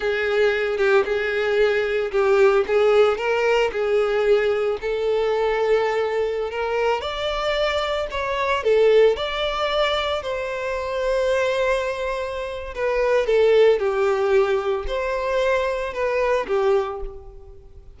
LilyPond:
\new Staff \with { instrumentName = "violin" } { \time 4/4 \tempo 4 = 113 gis'4. g'8 gis'2 | g'4 gis'4 ais'4 gis'4~ | gis'4 a'2.~ | a'16 ais'4 d''2 cis''8.~ |
cis''16 a'4 d''2 c''8.~ | c''1 | b'4 a'4 g'2 | c''2 b'4 g'4 | }